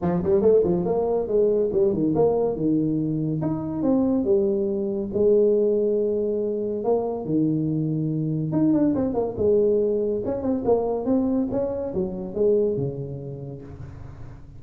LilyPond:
\new Staff \with { instrumentName = "tuba" } { \time 4/4 \tempo 4 = 141 f8 g8 a8 f8 ais4 gis4 | g8 dis8 ais4 dis2 | dis'4 c'4 g2 | gis1 |
ais4 dis2. | dis'8 d'8 c'8 ais8 gis2 | cis'8 c'8 ais4 c'4 cis'4 | fis4 gis4 cis2 | }